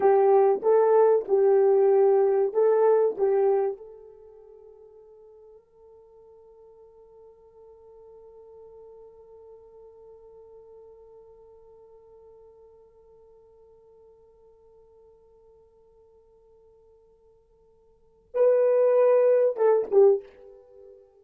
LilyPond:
\new Staff \with { instrumentName = "horn" } { \time 4/4 \tempo 4 = 95 g'4 a'4 g'2 | a'4 g'4 a'2~ | a'1~ | a'1~ |
a'1~ | a'1~ | a'1~ | a'4 b'2 a'8 g'8 | }